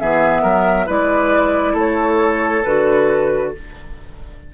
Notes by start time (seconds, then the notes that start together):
0.00 E3 B3 G#4 E5
0.42 F#3 A#4
0.86 G#3 E4 B4 D5
1.74 A3 A4 C#5
2.64 D3 F#4 B4